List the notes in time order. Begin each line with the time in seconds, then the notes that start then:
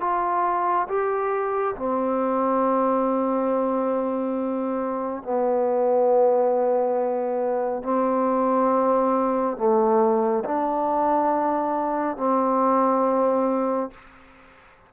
0.00 F4
0.88 G4
1.76 C4
5.23 B3
7.83 C4
9.57 A3
10.44 D4
12.17 C4